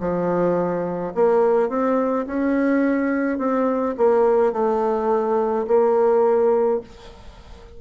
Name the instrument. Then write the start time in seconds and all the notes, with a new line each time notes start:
bassoon
0.00 F3
1.14 A#3
1.69 C4
2.26 C#4
3.38 C4
3.97 A#3
4.52 A3
5.67 A#3